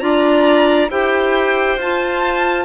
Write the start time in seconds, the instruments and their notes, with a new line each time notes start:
0.00 bassoon D4, clarinet F4 D5, violin A#5
0.90 bassoon E4, clarinet G4 C5, violin G5
1.76 bassoon F4, clarinet F4, violin A5